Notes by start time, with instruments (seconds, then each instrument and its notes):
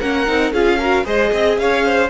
0.00 cello A#3, viola C#4, violin A#4 F#5
0.27 cello C4, viola D#4
0.52 cello C#4, viola F4, violin G#4 F5
0.78 viola F#4, violin A#4
1.04 cello G#3, viola G#4, violin C5 D#5
1.32 cello C4, violin D#5
1.58 cello C#4, violin C#5 F5
1.85 violin C5